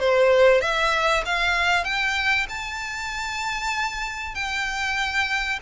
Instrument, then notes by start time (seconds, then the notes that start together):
violin
0.00 C5
0.61 E5
1.26 F5
1.84 G5
2.49 A5
4.35 G5